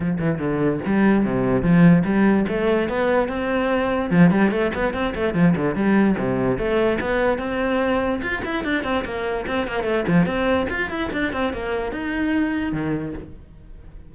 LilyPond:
\new Staff \with { instrumentName = "cello" } { \time 4/4 \tempo 4 = 146 f8 e8 d4 g4 c4 | f4 g4 a4 b4 | c'2 f8 g8 a8 b8 | c'8 a8 f8 d8 g4 c4 |
a4 b4 c'2 | f'8 e'8 d'8 c'8 ais4 c'8 ais8 | a8 f8 c'4 f'8 e'8 d'8 c'8 | ais4 dis'2 dis4 | }